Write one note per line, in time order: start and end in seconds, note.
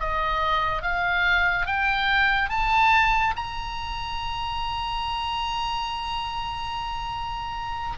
0.00 0.82 D#5
0.82 1.66 F5
1.66 2.49 G5
2.49 3.34 A5
3.36 7.98 A#5